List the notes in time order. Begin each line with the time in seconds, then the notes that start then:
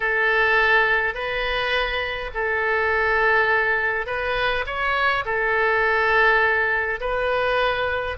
0.00 A4
1.14 B4
2.34 A4
4.06 B4
4.66 C#5
5.25 A4
7.00 B4